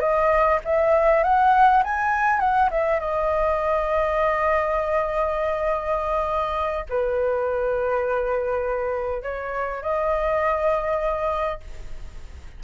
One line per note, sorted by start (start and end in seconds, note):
0.00 0.59 D#5
0.65 1.24 E5
1.24 1.83 F#5
1.84 2.40 G#5
2.40 2.70 F#5
2.71 3.00 E5
3.00 6.86 D#5
6.90 9.23 B4
9.23 9.82 C#5
9.82 11.61 D#5